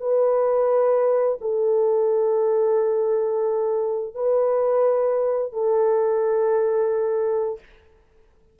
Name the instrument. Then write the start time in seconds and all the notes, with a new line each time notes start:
horn
0.00 B4
1.41 A4
4.15 B4
5.53 A4